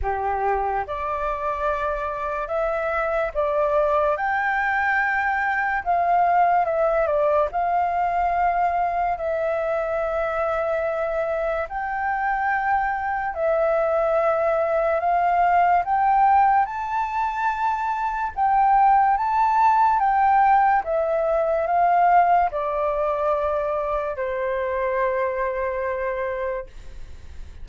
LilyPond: \new Staff \with { instrumentName = "flute" } { \time 4/4 \tempo 4 = 72 g'4 d''2 e''4 | d''4 g''2 f''4 | e''8 d''8 f''2 e''4~ | e''2 g''2 |
e''2 f''4 g''4 | a''2 g''4 a''4 | g''4 e''4 f''4 d''4~ | d''4 c''2. | }